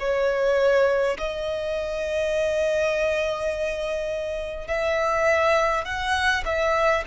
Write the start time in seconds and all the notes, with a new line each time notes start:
0.00 C#5
1.18 D#5
4.68 E5
5.85 F#5
6.45 E5